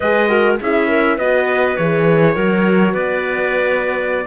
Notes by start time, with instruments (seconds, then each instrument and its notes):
0.00 cello G#3, horn G#4, clarinet B4, trumpet D#5
0.29 horn F#4, clarinet A#4
0.60 cello C#4, horn E4, clarinet G#4, trumpet E5
0.87 clarinet A#4
1.17 cello B3, horn F#4, clarinet B4, trumpet D#5
1.76 cello E3, horn G#4, trumpet C#5
2.34 cello F#3, horn F#4, clarinet A#4
2.92 cello B3, clarinet B4, trumpet D5